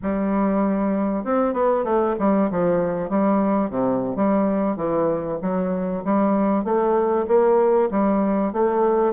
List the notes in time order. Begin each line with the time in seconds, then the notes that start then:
0.02 G3
1.24 C4
1.53 B3
1.84 A3
2.19 G3
2.51 F3
3.09 G3
3.69 C3
4.16 G3
4.76 E3
5.42 F#3
6.04 G3
6.64 A3
7.27 A#3
7.91 G3
8.52 A3